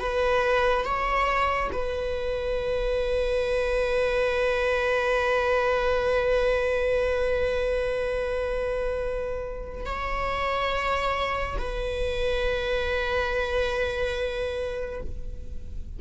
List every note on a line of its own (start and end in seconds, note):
0.00 0.85 B4
0.85 1.71 C#5
1.73 9.86 B4
9.86 11.58 C#5
11.58 15.01 B4